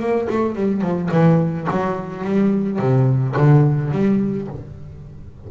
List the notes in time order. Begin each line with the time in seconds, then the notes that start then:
0.00 A#3
0.30 A3
0.56 G3
0.82 F3
1.12 E3
1.71 F#3
2.25 G3
2.79 C3
3.37 D3
3.92 G3